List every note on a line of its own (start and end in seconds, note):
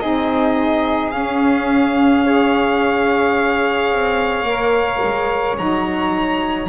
0.00 1.14 C4
0.00 1.12 D#4
0.00 2.24 G#4
0.00 1.11 D#5
1.11 2.25 C#4
1.11 3.92 C#4
1.11 5.55 F5
2.24 4.46 G#4
2.24 6.69 C#5
3.92 4.43 C4
4.43 4.98 A#3
4.43 5.57 A#4
5.03 5.59 G#3
5.58 6.69 F#3
5.58 6.69 D#4
5.58 6.69 A#5